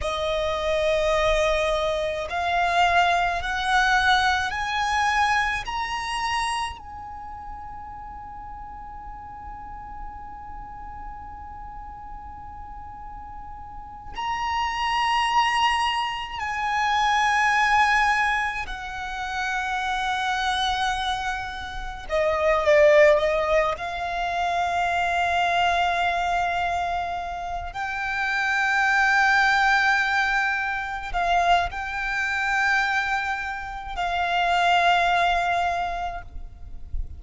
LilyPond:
\new Staff \with { instrumentName = "violin" } { \time 4/4 \tempo 4 = 53 dis''2 f''4 fis''4 | gis''4 ais''4 gis''2~ | gis''1~ | gis''8 ais''2 gis''4.~ |
gis''8 fis''2. dis''8 | d''8 dis''8 f''2.~ | f''8 g''2. f''8 | g''2 f''2 | }